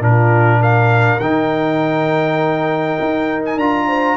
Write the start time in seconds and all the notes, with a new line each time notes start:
0.00 A#2 D4 F4 A#4
0.60 A#4 F5
1.20 D#3 D#4 G5
3.00 D#4
3.45 G#5
3.56 D4 F4 A#5
3.87 C5